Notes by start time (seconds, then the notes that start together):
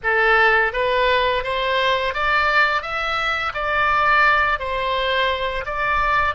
0.03 A4
0.73 B4
1.43 C5
2.14 D5
2.81 E5
3.54 D5
4.59 C5
5.65 D5